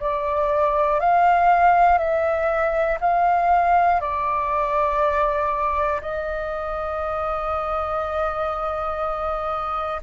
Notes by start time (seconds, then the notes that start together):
0.00 D5
1.00 F5
1.99 E5
3.01 F5
4.01 D5
6.02 D#5